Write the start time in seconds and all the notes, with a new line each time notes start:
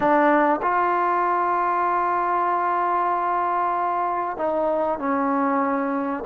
0.00 D4
0.62 F4
4.37 D#4
4.99 C#4